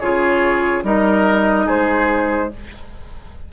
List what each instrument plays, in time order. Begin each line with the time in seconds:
0.00 bassoon C#3, clarinet F4, oboe G#4, flute C#5
0.84 bassoon G3, clarinet D#4, oboe A#4, flute D#5
1.67 bassoon G#3, oboe G#4, flute C5